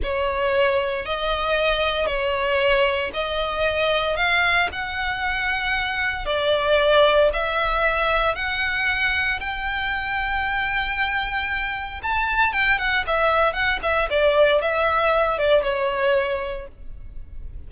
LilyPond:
\new Staff \with { instrumentName = "violin" } { \time 4/4 \tempo 4 = 115 cis''2 dis''2 | cis''2 dis''2 | f''4 fis''2. | d''2 e''2 |
fis''2 g''2~ | g''2. a''4 | g''8 fis''8 e''4 fis''8 e''8 d''4 | e''4. d''8 cis''2 | }